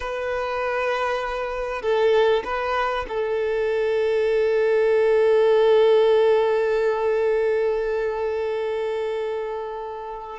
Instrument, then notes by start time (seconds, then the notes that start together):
violin
0.00 B4
1.82 A4
2.44 B4
3.08 A4